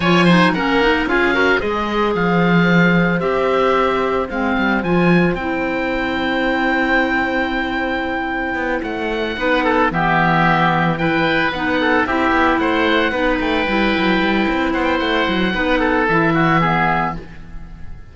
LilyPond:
<<
  \new Staff \with { instrumentName = "oboe" } { \time 4/4 \tempo 4 = 112 gis''4 fis''4 f''4 dis''4 | f''2 e''2 | f''4 gis''4 g''2~ | g''1~ |
g''8 fis''2 e''4.~ | e''8 g''4 fis''4 e''4 fis''8~ | fis''4 g''2~ g''8 fis''16 g''16 | fis''2 e''2 | }
  \new Staff \with { instrumentName = "oboe" } { \time 4/4 cis''8 c''8 ais'4 gis'8 ais'8 c''4~ | c''1~ | c''1~ | c''1~ |
c''4. b'8 a'8 g'4.~ | g'8 b'4. a'8 g'4 c''8~ | c''8 b'2. c''8~ | c''4 b'8 a'4 fis'8 gis'4 | }
  \new Staff \with { instrumentName = "clarinet" } { \time 4/4 f'8 dis'8 cis'8 dis'8 f'8 fis'8 gis'4~ | gis'2 g'2 | c'4 f'4 e'2~ | e'1~ |
e'4. dis'4 b4.~ | b8 e'4 dis'4 e'4.~ | e'8 dis'4 e'2~ e'8~ | e'4 dis'4 e'4 b4 | }
  \new Staff \with { instrumentName = "cello" } { \time 4/4 f4 ais4 cis'4 gis4 | f2 c'2 | gis8 g8 f4 c'2~ | c'1 |
b8 a4 b4 e4.~ | e4. b4 c'8 b8 a8~ | a8 b8 a8 g8 fis8 g8 c'8 b8 | a8 fis8 b4 e2 | }
>>